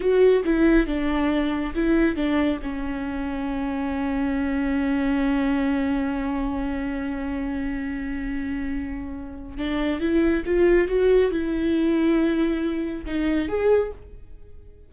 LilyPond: \new Staff \with { instrumentName = "viola" } { \time 4/4 \tempo 4 = 138 fis'4 e'4 d'2 | e'4 d'4 cis'2~ | cis'1~ | cis'1~ |
cis'1~ | cis'2 d'4 e'4 | f'4 fis'4 e'2~ | e'2 dis'4 gis'4 | }